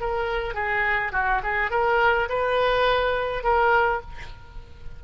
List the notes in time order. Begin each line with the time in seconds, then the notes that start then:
0.00 A#4
0.54 G#4
1.12 F#4
1.43 G#4
1.71 A#4
2.29 B4
3.43 A#4